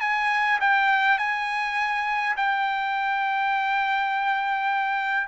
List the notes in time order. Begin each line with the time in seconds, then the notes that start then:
0.00 G#5
0.60 G5
1.18 G#5
2.36 G5